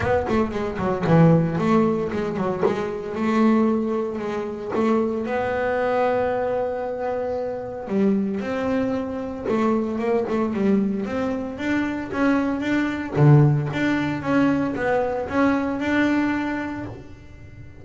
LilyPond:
\new Staff \with { instrumentName = "double bass" } { \time 4/4 \tempo 4 = 114 b8 a8 gis8 fis8 e4 a4 | gis8 fis8 gis4 a2 | gis4 a4 b2~ | b2. g4 |
c'2 a4 ais8 a8 | g4 c'4 d'4 cis'4 | d'4 d4 d'4 cis'4 | b4 cis'4 d'2 | }